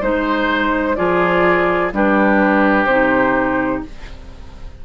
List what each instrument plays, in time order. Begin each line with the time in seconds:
0.00 bassoon G#3, clarinet D#4, oboe C5, flute C5
0.96 bassoon F3, clarinet F4, oboe G#4, flute D5
1.92 bassoon G3, clarinet D4, oboe G4, flute B4
2.85 bassoon C3, clarinet D#4, flute C5